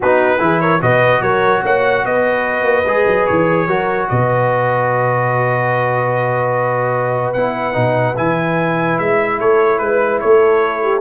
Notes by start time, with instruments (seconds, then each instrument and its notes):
0.00 tuba B3, trombone D#4, horn F#4, trumpet B4
0.39 tuba E3, trombone E4, horn G#4
0.60 horn A#4, trumpet C#5
0.81 tuba B2, trombone F#4, horn B4, trumpet D#5
1.21 tuba F#3, horn A#4, trumpet C#5
1.63 tuba A#3, horn C#5, trumpet F#5
2.05 tuba B3, horn B4, trumpet D#5
2.62 tuba A#3
2.85 tuba G#3, trombone G#4
3.06 tuba F#3
3.26 tuba E3, trumpet C#5
3.67 tuba F#3, trombone F#4, horn A#4
4.09 tuba B2, horn B4, trumpet D#5
7.33 tuba B3, trombone E4, trumpet F#5
7.73 tuba B2, trombone D#4
8.16 tuba E3, trombone E4, trumpet G#5
8.98 tuba G#3, trumpet E5
9.39 tuba A3, horn A4, trumpet C#5
9.78 tuba G#3, trumpet B4, horn B4
10.20 tuba A3, horn A4, trumpet C#5
10.82 horn G4